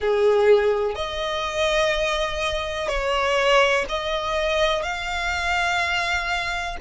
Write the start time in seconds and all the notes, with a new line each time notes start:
0.00 G#4
0.95 D#5
2.88 C#5
3.88 D#5
4.83 F5